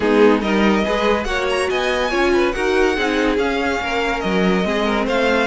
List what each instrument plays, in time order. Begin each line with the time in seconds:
0.00 cello G#3, viola B3, violin D#4 G#4
0.41 cello G3, viola D#4, violin A#4 D#5
0.84 cello G#3, viola G#4, violin B4
1.24 cello A#3, viola F#4, violin C#5 F#5
1.49 violin A#5
1.69 cello B3, violin D#5 G#5
2.10 cello C#4, viola F4, violin C#5
2.33 violin B4
2.52 cello D#4, viola F#4, violin A#4 F#5
2.96 cello C4, viola D#4, violin G#4
3.37 cello C#4, viola C#4, violin F5
3.80 cello A#3, violin A#4
4.20 cello F#3, violin D#5
4.63 cello G#3, viola C4, violin G#4
4.84 violin A#4
5.05 cello A3, violin C5 F5